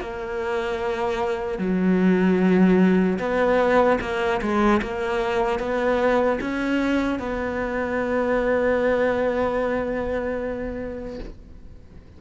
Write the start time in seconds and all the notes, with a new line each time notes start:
0.00 A#3
1.58 F#3
3.18 B3
4.00 A#3
4.41 G#3
4.82 A#3
5.59 B3
6.40 C#4
7.19 B3